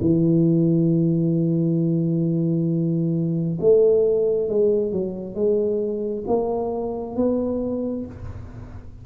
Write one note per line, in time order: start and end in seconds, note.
0.00 3.58 E3
3.60 4.49 A3
4.49 4.92 G#3
4.92 5.35 F#3
5.35 6.24 G#3
6.27 7.16 A#3
7.16 8.06 B3